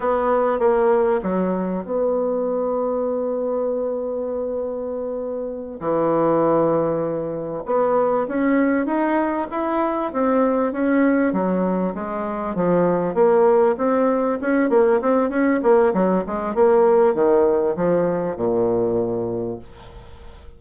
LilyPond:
\new Staff \with { instrumentName = "bassoon" } { \time 4/4 \tempo 4 = 98 b4 ais4 fis4 b4~ | b1~ | b4. e2~ e8~ | e8 b4 cis'4 dis'4 e'8~ |
e'8 c'4 cis'4 fis4 gis8~ | gis8 f4 ais4 c'4 cis'8 | ais8 c'8 cis'8 ais8 fis8 gis8 ais4 | dis4 f4 ais,2 | }